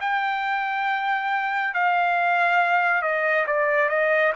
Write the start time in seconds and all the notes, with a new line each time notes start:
0.00 G5
1.74 F5
3.02 D#5
3.46 D5
3.89 D#5